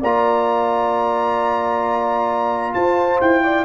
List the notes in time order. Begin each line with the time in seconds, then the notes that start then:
0.00 A#3 F4 D5 A#5
2.73 F4 C5 A5
3.20 E4 G5
3.42 D5